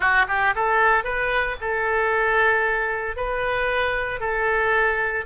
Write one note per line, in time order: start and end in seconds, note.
0.00 0.26 F#4
0.28 0.54 G4
0.55 1.04 A4
1.04 1.56 B4
1.61 3.16 A4
3.16 4.20 B4
4.20 5.25 A4